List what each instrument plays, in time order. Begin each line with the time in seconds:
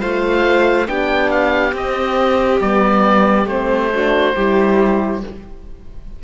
0.00 cello A3, horn F4, violin C5, oboe F5
0.86 cello B3, horn D4, violin G4, oboe G5
1.31 oboe F5
1.73 cello C4, horn C4, oboe D#5
2.61 cello G3, horn B3, oboe D5
3.46 cello A3, horn C4, oboe C5
3.91 horn D4, violin F#4
4.36 cello G3, horn E4, violin G4